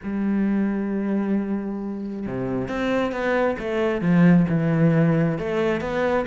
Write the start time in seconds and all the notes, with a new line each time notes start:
0.03 G3
2.26 C3
2.68 C4
3.12 B3
3.58 A3
4.01 F3
4.48 E3
5.38 A3
5.81 B3